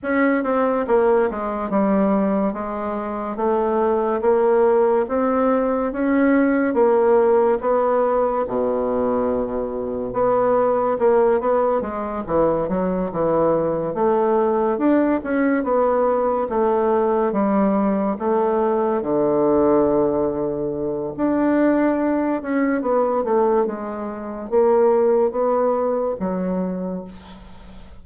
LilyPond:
\new Staff \with { instrumentName = "bassoon" } { \time 4/4 \tempo 4 = 71 cis'8 c'8 ais8 gis8 g4 gis4 | a4 ais4 c'4 cis'4 | ais4 b4 b,2 | b4 ais8 b8 gis8 e8 fis8 e8~ |
e8 a4 d'8 cis'8 b4 a8~ | a8 g4 a4 d4.~ | d4 d'4. cis'8 b8 a8 | gis4 ais4 b4 fis4 | }